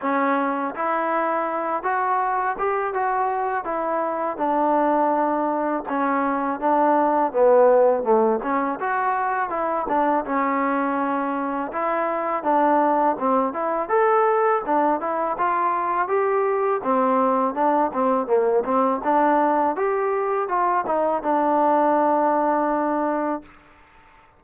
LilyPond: \new Staff \with { instrumentName = "trombone" } { \time 4/4 \tempo 4 = 82 cis'4 e'4. fis'4 g'8 | fis'4 e'4 d'2 | cis'4 d'4 b4 a8 cis'8 | fis'4 e'8 d'8 cis'2 |
e'4 d'4 c'8 e'8 a'4 | d'8 e'8 f'4 g'4 c'4 | d'8 c'8 ais8 c'8 d'4 g'4 | f'8 dis'8 d'2. | }